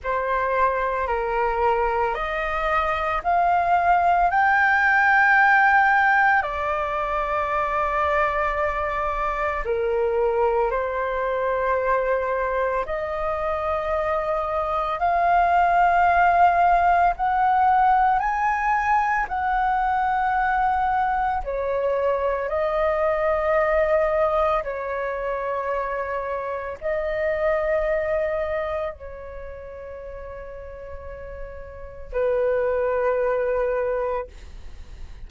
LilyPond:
\new Staff \with { instrumentName = "flute" } { \time 4/4 \tempo 4 = 56 c''4 ais'4 dis''4 f''4 | g''2 d''2~ | d''4 ais'4 c''2 | dis''2 f''2 |
fis''4 gis''4 fis''2 | cis''4 dis''2 cis''4~ | cis''4 dis''2 cis''4~ | cis''2 b'2 | }